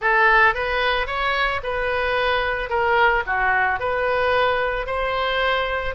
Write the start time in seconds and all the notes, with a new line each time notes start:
0.01 A4
0.54 B4
1.06 C#5
1.63 B4
2.69 A#4
3.26 F#4
3.79 B4
4.86 C5